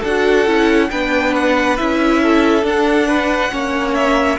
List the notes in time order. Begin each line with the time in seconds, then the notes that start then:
0.00 D4 A4 F#5
0.07 F#4
0.47 C#4 E4
0.90 B3 D4 B4 G5
1.36 F#5
1.77 C#4 E4 E5
2.22 A4
2.62 D4 F#5
3.08 B4
3.51 A#3 C#4 C#5
3.94 E5